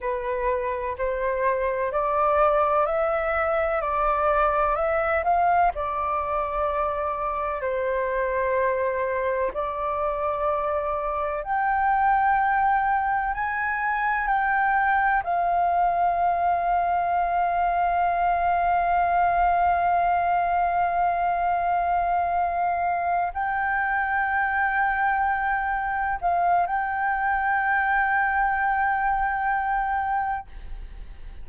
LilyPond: \new Staff \with { instrumentName = "flute" } { \time 4/4 \tempo 4 = 63 b'4 c''4 d''4 e''4 | d''4 e''8 f''8 d''2 | c''2 d''2 | g''2 gis''4 g''4 |
f''1~ | f''1~ | f''8 g''2. f''8 | g''1 | }